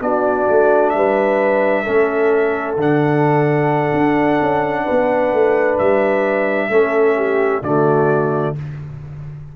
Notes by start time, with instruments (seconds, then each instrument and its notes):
0.00 tuba B3, trombone D4, horn F#4, trumpet D5
0.49 tuba A3
0.90 tuba G3, horn B4, trumpet E5
1.83 tuba A3, trombone C#4, horn A4
2.76 tuba D3, trombone D4, trumpet F#5
3.93 tuba D4
4.41 tuba C#4
4.84 tuba B3, horn B4
5.33 tuba A3
5.78 tuba G3, trumpet E5
6.68 tuba A3, trombone C#4, horn A4
7.17 horn G4
7.62 tuba D3, trombone A3, horn F#4, trumpet D5